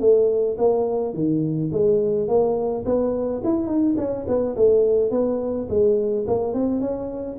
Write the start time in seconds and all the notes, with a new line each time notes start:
0.00 A3
0.58 A#3
1.13 D#3
1.72 G#3
2.28 A#3
2.85 B3
3.44 E4
3.67 D#4
3.97 C#4
4.27 B3
4.56 A3
5.11 B3
5.69 G#3
6.27 A#3
6.54 C4
6.81 C#4